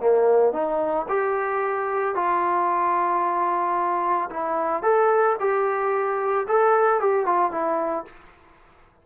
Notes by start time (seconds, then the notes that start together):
0.00 A#3
0.53 D#4
1.09 G4
2.15 F4
4.30 E4
4.83 A4
5.40 G4
6.48 A4
7.00 G4
7.26 F4
7.51 E4